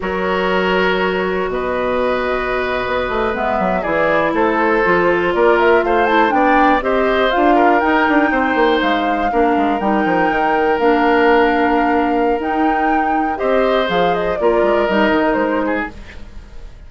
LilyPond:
<<
  \new Staff \with { instrumentName = "flute" } { \time 4/4 \tempo 4 = 121 cis''2. dis''4~ | dis''2~ dis''8. e''4 d''16~ | d''8. c''2 d''8 e''8 f''16~ | f''16 a''8 g''4 dis''4 f''4 g''16~ |
g''4.~ g''16 f''2 g''16~ | g''4.~ g''16 f''2~ f''16~ | f''4 g''2 dis''4 | f''8 dis''8 d''4 dis''4 c''4 | }
  \new Staff \with { instrumentName = "oboe" } { \time 4/4 ais'2. b'4~ | b'2.~ b'8. gis'16~ | gis'8. a'2 ais'4 c''16~ | c''8. d''4 c''4. ais'8.~ |
ais'8. c''2 ais'4~ ais'16~ | ais'1~ | ais'2. c''4~ | c''4 ais'2~ ais'8 gis'8 | }
  \new Staff \with { instrumentName = "clarinet" } { \time 4/4 fis'1~ | fis'2~ fis'8. b4 e'16~ | e'4.~ e'16 f'2~ f'16~ | f'16 e'8 d'4 g'4 f'4 dis'16~ |
dis'2~ dis'8. d'4 dis'16~ | dis'4.~ dis'16 d'2~ d'16~ | d'4 dis'2 g'4 | gis'4 f'4 dis'2 | }
  \new Staff \with { instrumentName = "bassoon" } { \time 4/4 fis2. b,4~ | b,4.~ b,16 b8 a8 gis8 fis8 e16~ | e8. a4 f4 ais4 a16~ | a8. b4 c'4 d'4 dis'16~ |
dis'16 d'8 c'8 ais8 gis4 ais8 gis8 g16~ | g16 f8 dis4 ais2~ ais16~ | ais4 dis'2 c'4 | f4 ais8 gis8 g8 dis8 gis4 | }
>>